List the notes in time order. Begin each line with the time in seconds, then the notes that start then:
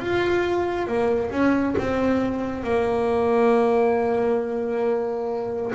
0.00 F4
0.87 A#3
1.31 C#4
1.78 C4
2.64 A#3